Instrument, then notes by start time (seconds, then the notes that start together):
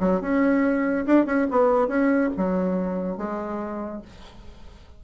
bassoon
0.00 F#3
0.21 C#4
1.06 D4
1.26 C#4
1.51 B3
1.88 C#4
2.37 F#3
3.17 G#3